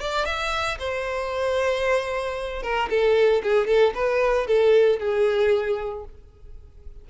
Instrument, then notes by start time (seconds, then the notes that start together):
violin
0.00 D5
0.25 E5
0.79 C5
2.62 A#4
2.89 A4
3.43 G#4
3.67 A4
3.94 B4
4.47 A4
4.99 G#4